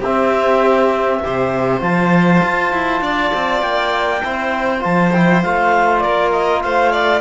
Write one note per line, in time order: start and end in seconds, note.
0.00 1.21 C4
0.00 1.24 C4
0.00 1.20 G4
0.00 1.82 E5
1.24 1.81 C3
1.24 1.80 G4
1.24 3.02 C5
1.80 2.42 F3
1.80 4.20 F4
1.80 3.62 A5
2.43 2.73 F4
2.73 3.02 E4
3.02 3.31 D4
3.02 4.22 D5
3.34 3.62 C4
3.62 4.22 A#3
3.62 4.82 G5
4.25 4.85 C4
4.25 4.80 E4
4.25 6.03 C5
4.80 5.45 F3
4.80 5.10 F4
4.80 5.12 A5
5.12 5.45 E4
5.12 5.42 G5
5.43 6.05 A3
5.43 7.21 F4
5.43 5.99 F5
5.99 6.65 A#3
5.99 6.63 A#4
5.99 6.29 D5
6.32 6.62 D#5
6.62 7.21 A3
6.62 6.92 C5
6.62 7.21 F5
6.92 7.21 D5